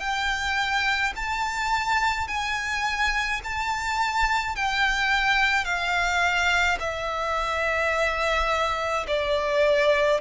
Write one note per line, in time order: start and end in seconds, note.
0.00 1.13 G5
1.16 2.28 A5
2.28 3.41 G#5
3.44 4.56 A5
4.56 5.65 G5
5.65 6.78 F5
6.80 9.06 E5
9.08 10.21 D5